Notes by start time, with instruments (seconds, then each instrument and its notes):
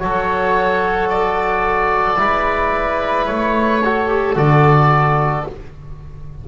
0.00 double bass F#3, trombone F#4, violin A4, oboe C#5
1.10 oboe D5
2.17 double bass G#3, trombone E4, violin B4
3.26 double bass A3, oboe C#5
3.85 trombone F#4, violin A4
4.09 trombone G4
4.36 double bass D3, trombone F#4, oboe D5